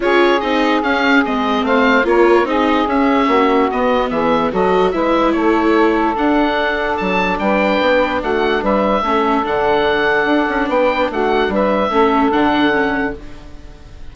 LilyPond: <<
  \new Staff \with { instrumentName = "oboe" } { \time 4/4 \tempo 4 = 146 cis''4 dis''4 f''4 dis''4 | f''4 cis''4 dis''4 e''4~ | e''4 dis''4 e''4 dis''4 | e''4 cis''2 fis''4~ |
fis''4 a''4 g''2 | fis''4 e''2 fis''4~ | fis''2 g''4 fis''4 | e''2 fis''2 | }
  \new Staff \with { instrumentName = "saxophone" } { \time 4/4 gis'1 | c''4 ais'4 gis'2 | fis'2 gis'4 a'4 | b'4 a'2.~ |
a'2 b'2 | fis'4 b'4 a'2~ | a'2 b'4 fis'4 | b'4 a'2. | }
  \new Staff \with { instrumentName = "viola" } { \time 4/4 f'4 dis'4 cis'4 c'4~ | c'4 f'4 dis'4 cis'4~ | cis'4 b2 fis'4 | e'2. d'4~ |
d'1~ | d'2 cis'4 d'4~ | d'1~ | d'4 cis'4 d'4 cis'4 | }
  \new Staff \with { instrumentName = "bassoon" } { \time 4/4 cis'4 c'4 cis'4 gis4 | a4 ais4 c'4 cis'4 | ais4 b4 e4 fis4 | gis4 a2 d'4~ |
d'4 fis4 g4 b4 | a4 g4 a4 d4~ | d4 d'8 cis'8 b4 a4 | g4 a4 d2 | }
>>